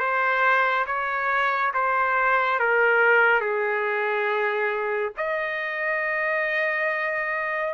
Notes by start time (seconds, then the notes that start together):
0.00 C5
0.87 C#5
1.74 C5
2.59 A#4
3.41 G#4
5.17 D#5